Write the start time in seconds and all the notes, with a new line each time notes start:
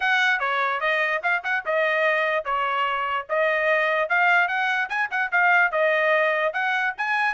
0.00 F#5
0.39 C#5
0.80 D#5
1.22 F5
1.43 F#5
1.65 D#5
2.44 C#5
3.29 D#5
4.09 F5
4.47 F#5
4.89 G#5
5.10 F#5
5.31 F5
5.71 D#5
6.53 F#5
6.97 G#5